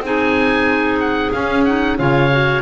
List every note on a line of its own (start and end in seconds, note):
0.00 1.30 C4
0.00 1.35 D#4
0.00 1.99 G#4
0.06 1.00 G#5
1.00 1.32 F#5
1.32 2.00 C#4
1.32 1.67 C#4
1.32 1.65 F5
1.65 1.98 D#4
1.65 1.98 F#5
1.98 2.63 C#3
1.98 2.30 F4
1.98 2.63 C#5
1.98 2.63 F5
2.32 2.63 F#4